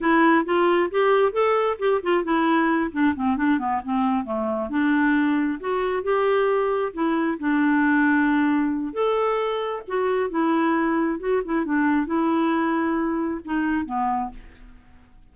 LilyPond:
\new Staff \with { instrumentName = "clarinet" } { \time 4/4 \tempo 4 = 134 e'4 f'4 g'4 a'4 | g'8 f'8 e'4. d'8 c'8 d'8 | b8 c'4 a4 d'4.~ | d'8 fis'4 g'2 e'8~ |
e'8 d'2.~ d'8 | a'2 fis'4 e'4~ | e'4 fis'8 e'8 d'4 e'4~ | e'2 dis'4 b4 | }